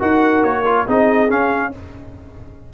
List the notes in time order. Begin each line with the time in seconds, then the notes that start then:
0.00 D#4 F#4 A#4 F#5
0.44 A#3 C#5
0.65 F4
0.86 C4 D#4 G#4 D#5
1.29 C#4 F5